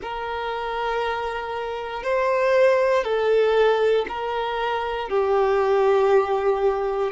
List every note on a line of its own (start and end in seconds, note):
0.01 2.03 A#4
2.03 3.04 C5
3.04 4.05 A4
4.08 5.09 A#4
5.09 7.12 G4